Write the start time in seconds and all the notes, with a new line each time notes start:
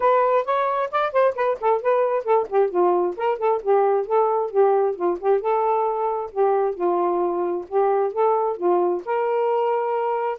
0.00 B4
0.44 C#5
0.91 D5
1.12 C5
1.35 B4
1.60 A4
1.81 B4
2.24 A4
2.48 G4
2.70 F4
3.17 A#4
3.38 A4
3.62 G4
4.06 A4
4.51 G4
4.95 F4
5.19 G4
5.40 A4
6.31 G4
6.74 F4
7.68 G4
8.12 A4
8.57 F4
9.05 A#4